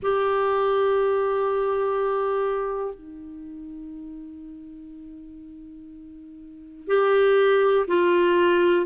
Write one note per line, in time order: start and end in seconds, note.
0.02 2.94 G4
2.94 6.87 D#4
6.87 7.86 G4
7.87 8.85 F4